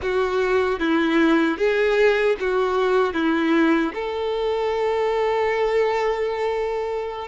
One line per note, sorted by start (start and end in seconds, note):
0.02 0.79 F#4
0.79 1.57 E4
1.57 2.36 G#4
2.40 3.13 F#4
3.13 3.92 E4
3.94 7.27 A4